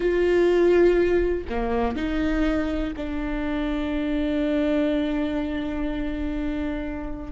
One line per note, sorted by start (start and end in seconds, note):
0.00 1.44 F4
1.49 1.96 A#3
1.96 2.93 D#4
2.96 7.32 D4